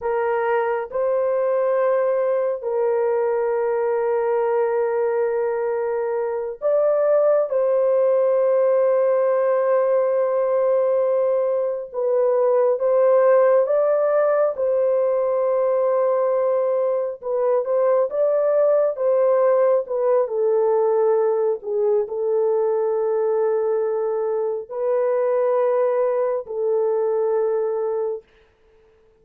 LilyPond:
\new Staff \with { instrumentName = "horn" } { \time 4/4 \tempo 4 = 68 ais'4 c''2 ais'4~ | ais'2.~ ais'8 d''8~ | d''8 c''2.~ c''8~ | c''4. b'4 c''4 d''8~ |
d''8 c''2. b'8 | c''8 d''4 c''4 b'8 a'4~ | a'8 gis'8 a'2. | b'2 a'2 | }